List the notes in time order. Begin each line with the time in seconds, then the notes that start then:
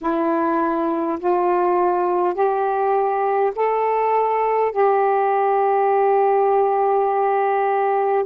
0.01 E4
1.19 F4
2.34 G4
3.55 A4
4.72 G4